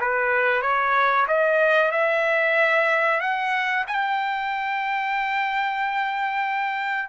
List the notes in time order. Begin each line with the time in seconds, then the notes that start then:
0.00 B4
0.62 C#5
1.27 D#5
1.91 E5
3.20 F#5
3.87 G5